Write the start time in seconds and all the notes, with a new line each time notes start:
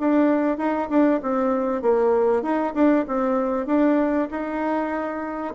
0.00 D4
0.58 D#4
0.90 D4
1.23 C4
1.82 A#3
2.43 D#4
2.75 D4
3.08 C4
3.67 D4
4.31 D#4